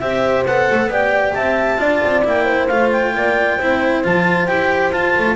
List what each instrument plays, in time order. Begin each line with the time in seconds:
0.00 double bass C4, cello G4, horn C5, clarinet E5
0.46 double bass B3, cello A4, clarinet F#5
0.71 double bass A3
0.86 double bass B3, cello G4, horn D5
0.92 clarinet G5
1.34 double bass C4, horn E5, clarinet A5
1.78 double bass D4, cello F4, horn D5
2.05 double bass C4
2.24 double bass A#3, cello E4, clarinet G5
2.44 horn C5
2.68 double bass A3, cello F4, clarinet F5
2.92 clarinet G5
3.15 double bass A#3, horn D5
3.57 double bass C4, cello E4, horn C5
4.04 double bass F3, cello F4, clarinet A5
4.46 double bass E4, cello G4, clarinet G5
4.91 double bass F4, cello F4, clarinet A5
5.18 double bass A3